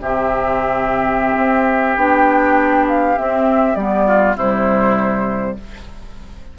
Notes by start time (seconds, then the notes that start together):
0.00 C3 C4 G4 E5
1.36 C4
1.96 B3 D4 G5
2.88 F5
3.16 C4 E5
3.75 G3 B3 D5
4.06 F4
4.36 C3 G3 E4 C5